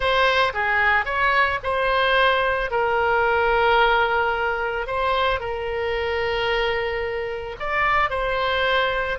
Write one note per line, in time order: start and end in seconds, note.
0.00 0.53 C5
0.53 1.05 G#4
1.05 1.59 C#5
1.63 2.70 C5
2.70 4.86 A#4
4.86 5.39 C5
5.39 7.56 A#4
7.59 8.10 D5
8.10 9.18 C5